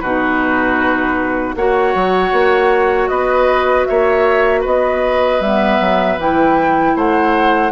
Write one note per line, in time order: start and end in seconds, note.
0.00 1.55 B2
0.00 1.57 D#4
0.00 1.55 F#4
0.00 1.54 B4
1.55 1.94 A#3
1.55 5.41 F#4
1.55 3.10 C#5
1.55 3.08 F#5
1.95 2.32 F#3
2.32 3.08 A#3
3.08 3.86 B3
3.08 3.87 B4
3.08 3.85 D#5
3.85 4.65 A#3
3.85 4.61 C#5
3.85 4.62 E5
4.61 5.40 B3
4.61 6.91 B4
4.61 5.42 D#5
5.40 5.79 G3
5.40 6.19 B3
5.40 6.18 E5
5.80 6.18 F#3
6.18 6.95 E3
6.18 7.72 E4
6.18 6.97 G5
6.95 7.72 A3
6.95 7.72 C5
6.95 7.72 F#5